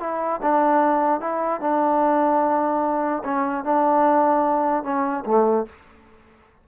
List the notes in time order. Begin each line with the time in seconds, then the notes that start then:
0.00 E4
0.42 D4
1.20 E4
1.61 D4
3.24 C#4
3.64 D4
4.84 C#4
5.26 A3